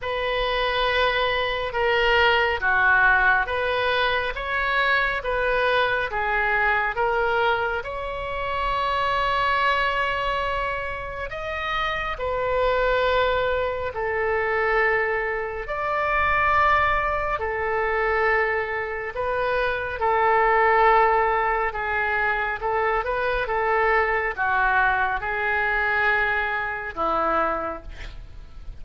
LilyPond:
\new Staff \with { instrumentName = "oboe" } { \time 4/4 \tempo 4 = 69 b'2 ais'4 fis'4 | b'4 cis''4 b'4 gis'4 | ais'4 cis''2.~ | cis''4 dis''4 b'2 |
a'2 d''2 | a'2 b'4 a'4~ | a'4 gis'4 a'8 b'8 a'4 | fis'4 gis'2 e'4 | }